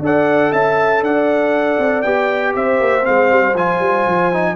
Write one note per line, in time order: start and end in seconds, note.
0.00 0.50 D4
0.00 2.05 A4
0.00 0.52 D5
0.00 0.53 F#5
0.52 1.02 C#4
0.52 1.03 E5
0.52 1.03 A5
1.02 1.78 D4
1.02 2.56 D5
1.02 2.02 F#5
1.78 2.04 C4
2.02 2.55 B3
2.02 3.02 G4
2.02 2.53 G5
2.55 2.80 C4
2.55 4.56 C5
2.55 3.06 E5
2.80 3.06 A#3
3.02 3.30 G#3
3.02 3.53 C4
3.02 3.56 F5
3.30 3.55 G3
3.55 3.80 F3
3.55 4.33 F4
3.55 4.56 G#5
3.80 4.05 G3
4.07 4.56 F3
4.33 4.56 D#4